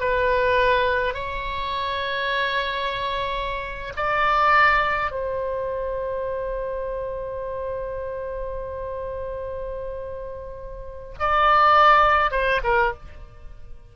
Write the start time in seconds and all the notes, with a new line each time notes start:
0.00 B4
1.14 C#5
3.96 D5
5.11 C5
11.19 D5
12.31 C5
12.63 A#4